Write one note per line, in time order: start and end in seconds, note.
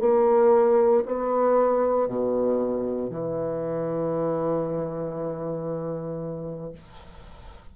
0.00 1.03 A#3
1.06 2.08 B3
2.08 3.10 B2
3.10 6.72 E3